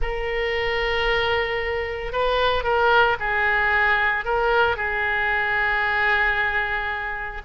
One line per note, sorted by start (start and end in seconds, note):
0.01 2.12 A#4
2.12 2.63 B4
2.63 3.16 A#4
3.19 4.24 G#4
4.24 4.76 A#4
4.76 7.41 G#4